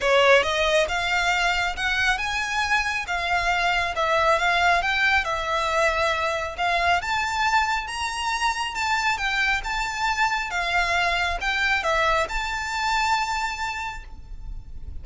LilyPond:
\new Staff \with { instrumentName = "violin" } { \time 4/4 \tempo 4 = 137 cis''4 dis''4 f''2 | fis''4 gis''2 f''4~ | f''4 e''4 f''4 g''4 | e''2. f''4 |
a''2 ais''2 | a''4 g''4 a''2 | f''2 g''4 e''4 | a''1 | }